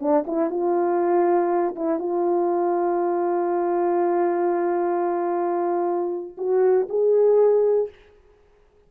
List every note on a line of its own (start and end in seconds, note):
0.00 0.25 D4
0.27 0.51 E4
0.51 1.76 F4
1.76 2.00 E4
2.00 6.37 F4
6.38 6.88 F#4
6.90 7.90 G#4